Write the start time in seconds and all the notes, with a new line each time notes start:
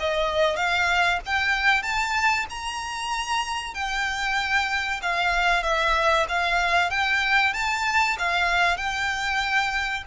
0.00 D#5
0.56 F5
1.26 G5
1.83 A5
2.50 A#5
3.74 G5
5.02 F5
5.63 E5
6.29 F5
6.90 G5
7.54 A5
8.19 F5
8.77 G5